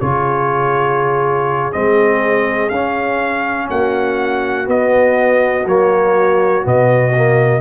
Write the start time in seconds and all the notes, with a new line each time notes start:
0.00 C#3 F4 G#4 C#5
1.72 G#3 C4 D#5
2.69 C#4 F5
2.75 C#4
3.68 A#3 F#4 F#5
4.65 B3 D#5
5.66 F#3 A#3 C#5
6.63 B2 B3 D#5
7.15 A#3